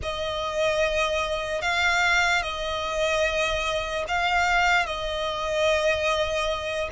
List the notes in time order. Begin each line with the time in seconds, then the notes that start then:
0.02 D#5
1.61 F5
2.42 D#5
4.08 F5
4.86 D#5